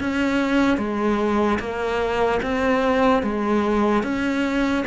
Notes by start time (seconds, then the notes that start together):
0.00 C#4
0.77 G#3
1.59 A#3
2.43 C4
3.23 G#3
4.03 C#4